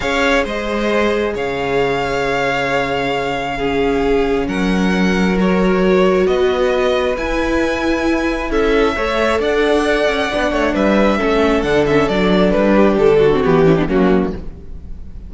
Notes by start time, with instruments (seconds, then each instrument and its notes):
0.00 cello C#4, viola G#4, violin C#5 F5
0.43 cello G#3, violin C5 D#5
1.34 cello C#3, violin C#5 F5
3.57 viola C#4, violin G#4
4.47 cello F#3, violin A#4 F#5
5.36 viola F#4, violin C#5
6.26 cello B3, violin B4 D#5
7.17 viola E4, cello E4, violin G#5
8.50 cello C#4, violin A4 E5
8.95 cello A3, viola A4, violin C#5
9.39 cello D4, violin D5 F#5
10.07 cello C#4
10.30 cello B3, viola D4
10.51 cello A3, violin C#5
10.74 cello G3, violin B4 E5
11.17 cello A3, viola C#4, violin A4
11.61 cello D3, viola D4, violin F#5
11.86 viola C#4, violin E5
12.08 cello F#3, viola D4, violin D5
12.50 cello G3, violin B4
12.76 violin G4
12.97 cello D3, violin A4
13.19 violin F#4
13.33 viola C4
13.43 cello E3, viola B3, violin G4
13.65 viola C#4, violin E4
13.75 viola B3, violin D4
13.87 cello F#3, viola A#3, violin C#4 F#4